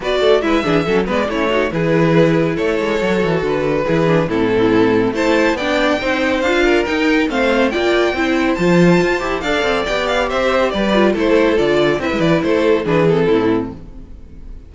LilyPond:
<<
  \new Staff \with { instrumentName = "violin" } { \time 4/4 \tempo 4 = 140 d''4 e''4. d''8 cis''4 | b'2 cis''2 | b'2 a'2 | a''4 g''2 f''4 |
g''4 f''4 g''2 | a''2 f''4 g''8 f''8 | e''4 d''4 c''4 d''4 | e''8 d''8 c''4 b'8 a'4. | }
  \new Staff \with { instrumentName = "violin" } { \time 4/4 b'8 a'8 b'8 gis'8 a'8 b'8 e'8 fis'8 | gis'2 a'2~ | a'4 gis'4 e'2 | c''4 d''4 c''4. ais'8~ |
ais'4 c''4 d''4 c''4~ | c''2 d''2 | c''4 b'4 a'2 | b'4 a'4 gis'4 e'4 | }
  \new Staff \with { instrumentName = "viola" } { \time 4/4 fis'4 e'8 d'8 cis'8 b8 cis'8 dis'8 | e'2. fis'4~ | fis'4 e'8 d'8 c'2 | e'4 d'4 dis'4 f'4 |
dis'4 c'4 f'4 e'4 | f'4. g'8 a'4 g'4~ | g'4. f'8 e'4 f'4 | e'2 d'8 c'4. | }
  \new Staff \with { instrumentName = "cello" } { \time 4/4 b8 a8 gis8 e8 fis8 gis8 a4 | e2 a8 gis8 fis8 e8 | d4 e4 a,2 | a4 b4 c'4 d'4 |
dis'4 a4 ais4 c'4 | f4 f'8 e'8 d'8 c'8 b4 | c'4 g4 a4 d4 | c'16 gis16 e8 a4 e4 a,4 | }
>>